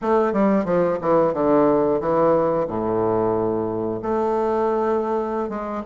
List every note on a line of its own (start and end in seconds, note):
0.01 0.32 A3
0.32 0.65 G3
0.65 0.98 F3
1.01 1.33 E3
1.33 2.00 D3
2.00 2.67 E3
2.67 4.00 A2
4.02 5.48 A3
5.48 5.82 G#3